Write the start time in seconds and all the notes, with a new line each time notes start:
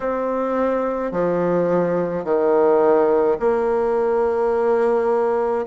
0.00 C4
1.11 F3
2.24 D#3
3.39 A#3